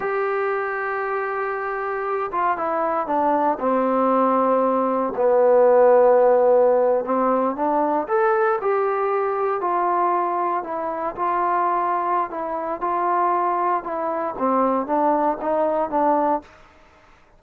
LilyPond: \new Staff \with { instrumentName = "trombone" } { \time 4/4 \tempo 4 = 117 g'1~ | g'8 f'8 e'4 d'4 c'4~ | c'2 b2~ | b4.~ b16 c'4 d'4 a'16~ |
a'8. g'2 f'4~ f'16~ | f'8. e'4 f'2~ f'16 | e'4 f'2 e'4 | c'4 d'4 dis'4 d'4 | }